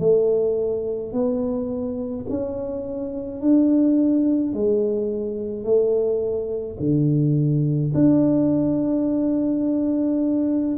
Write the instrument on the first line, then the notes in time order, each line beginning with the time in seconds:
tuba
0.00 A3
1.13 B3
2.30 C#4
3.41 D4
4.54 G#3
5.64 A3
6.80 D3
7.95 D4